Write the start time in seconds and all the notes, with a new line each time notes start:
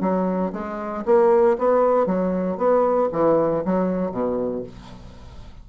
0.00 F#3
0.52 G#3
1.05 A#3
1.58 B3
2.06 F#3
2.57 B3
3.12 E3
3.65 F#3
4.11 B2